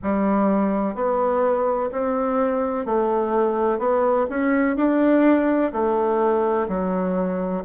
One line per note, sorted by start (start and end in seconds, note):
0.03 0.94 G3
0.94 1.90 B3
1.92 2.85 C4
2.85 3.78 A3
3.78 4.26 B3
4.29 4.76 C#4
4.76 5.71 D4
5.72 6.67 A3
6.68 7.63 F#3